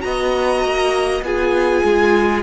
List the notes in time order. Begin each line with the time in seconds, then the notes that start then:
0.00 B3 F#4 D#5 A#5
0.64 A#3
1.21 B3 F4 G#4 G#5
1.84 G#3